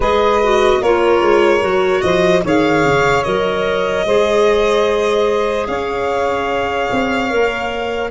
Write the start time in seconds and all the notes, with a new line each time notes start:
0.00 G#3 G#4 B4 D#5
0.42 F#4
0.80 A#3 F4 A#4 C#5
1.21 G#3
1.60 F#3 F#4
2.01 F3 C5 D#5
2.43 D#3 G#4 C#5 F5
2.84 C#3
3.23 F#3 A#4 D#5
4.05 G#3 G#4 C5
5.67 C#4 C#5 F5
6.91 C4
7.29 A#3 A#4